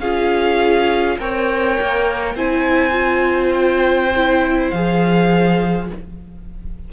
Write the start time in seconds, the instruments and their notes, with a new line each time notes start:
0.00 cello C#4, viola F4, violin G#4 F5
1.19 cello C4, viola A#4, violin C#5 G5
1.80 cello A#3
2.35 cello C4, viola E4, violin C5 G#5
2.92 viola F4
3.53 violin G5
4.16 viola E4
4.71 cello F3, viola G#4, violin F5